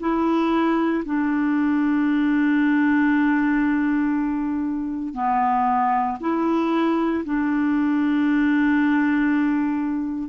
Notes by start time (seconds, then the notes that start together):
0.00 E4
1.05 D4
5.14 B3
6.20 E4
7.24 D4